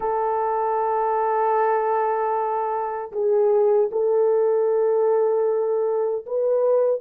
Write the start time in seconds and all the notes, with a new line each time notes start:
0.00 A4
3.12 G#4
3.91 A4
6.26 B4